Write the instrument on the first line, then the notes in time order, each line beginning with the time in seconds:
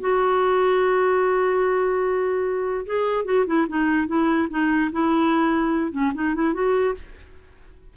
clarinet
0.00 F#4
2.86 G#4
3.25 F#4
3.46 E4
3.69 D#4
4.07 E4
4.50 D#4
4.92 E4
5.92 C#4
6.14 D#4
6.35 E4
6.54 F#4